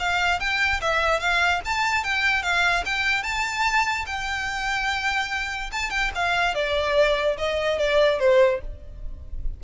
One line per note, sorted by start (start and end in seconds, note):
0.00 0.40 F5
0.40 0.81 G5
0.82 1.20 E5
1.20 1.61 F5
1.66 2.04 A5
2.04 2.43 G5
2.43 2.84 F5
2.86 3.24 G5
3.24 4.06 A5
4.07 5.71 G5
5.72 5.91 A5
5.91 6.11 G5
6.16 6.55 F5
6.55 7.37 D5
7.38 7.79 D#5
7.79 8.20 D5
8.20 8.61 C5